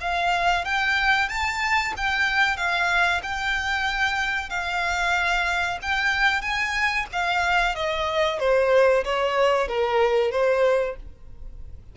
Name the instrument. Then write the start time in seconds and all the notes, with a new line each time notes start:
violin
0.00 F5
0.65 G5
1.28 A5
1.96 G5
2.56 F5
3.22 G5
4.49 F5
5.82 G5
6.41 G#5
7.12 F5
7.75 D#5
8.39 C5
9.04 C#5
9.68 A#4
10.31 C5